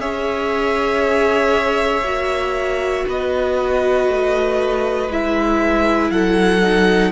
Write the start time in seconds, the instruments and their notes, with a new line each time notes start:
0.00 cello C#4, viola G#4, violin C#5 E5
2.03 cello A#3, viola F#4
3.07 cello B3, violin B4 D#5
4.08 cello A3
5.09 cello G#3, viola E4, violin E5
6.11 cello F#3, violin A4 F#5
6.62 viola D#4